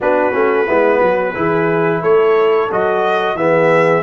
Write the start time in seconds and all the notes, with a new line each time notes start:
0.00 B3 D4 F#4 B4
0.33 A3 C#4
0.67 G#3 B3 E4
0.98 F#3 F#4
1.34 E3 E4 G#4
2.01 A3 A4 C#5
2.71 F#3 F#4 D#5
3.35 E3 B3 G#4 E5